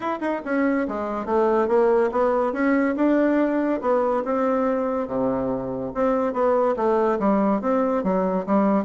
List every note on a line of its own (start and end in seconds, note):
0.00 0.19 E4
0.20 0.41 D#4
0.44 0.87 C#4
0.88 1.25 G#3
1.25 1.68 A3
1.68 2.10 A#3
2.11 2.52 B3
2.52 2.95 C#4
2.96 3.80 D4
3.81 4.23 B3
4.25 5.07 C4
5.07 5.92 C3
5.94 6.33 C4
6.33 6.75 B3
6.76 7.18 A3
7.19 7.61 G3
7.61 8.03 C4
8.03 8.45 F#3
8.46 8.84 G3